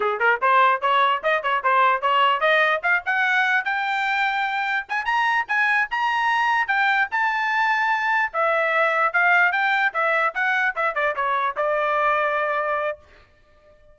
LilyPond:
\new Staff \with { instrumentName = "trumpet" } { \time 4/4 \tempo 4 = 148 gis'8 ais'8 c''4 cis''4 dis''8 cis''8 | c''4 cis''4 dis''4 f''8 fis''8~ | fis''4 g''2. | gis''8 ais''4 gis''4 ais''4.~ |
ais''8 g''4 a''2~ a''8~ | a''8 e''2 f''4 g''8~ | g''8 e''4 fis''4 e''8 d''8 cis''8~ | cis''8 d''2.~ d''8 | }